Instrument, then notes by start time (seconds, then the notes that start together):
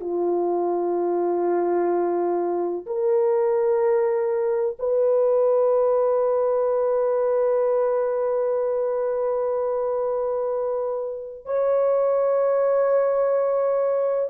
horn
0.00 F4
2.86 A#4
4.78 B4
11.45 C#5